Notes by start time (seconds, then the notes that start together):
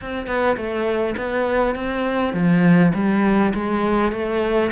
0.01 C4
0.26 B3
0.56 A3
1.17 B3
1.75 C4
2.33 F3
2.94 G3
3.54 G#3
4.12 A3